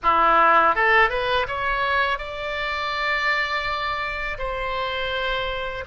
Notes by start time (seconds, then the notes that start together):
0.03 E4
0.75 A4
1.09 B4
1.47 C#5
2.18 D5
4.38 C5